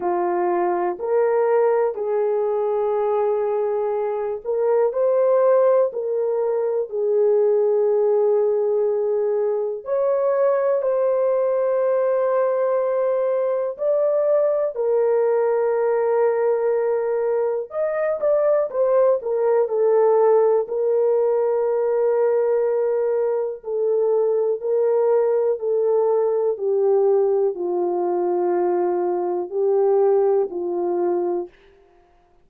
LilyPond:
\new Staff \with { instrumentName = "horn" } { \time 4/4 \tempo 4 = 61 f'4 ais'4 gis'2~ | gis'8 ais'8 c''4 ais'4 gis'4~ | gis'2 cis''4 c''4~ | c''2 d''4 ais'4~ |
ais'2 dis''8 d''8 c''8 ais'8 | a'4 ais'2. | a'4 ais'4 a'4 g'4 | f'2 g'4 f'4 | }